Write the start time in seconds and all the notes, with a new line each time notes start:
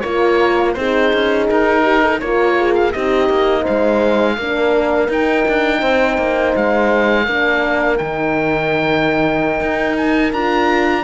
0.00 A#3 F4 A#4 C#5
0.73 C4 D#4 G#4 C5
1.13 C#4
1.49 D#4 A#4
1.83 G4
2.01 A4
2.20 A#3 F4 A#4 C#5
2.58 G#4
2.75 F5
2.92 C4 D#4 G4 D#5
3.29 A#3
3.61 C5 F5
3.69 G#3
4.37 A#3 D4 A#4
5.08 D#4 G5
5.48 D4
5.80 C4 C5
6.17 A#3
6.56 G#3 F5
7.25 A#3 D4 A#4
7.98 D#3 D#4 G5
9.60 D#4
9.97 G#5
10.33 D4 F4 A#5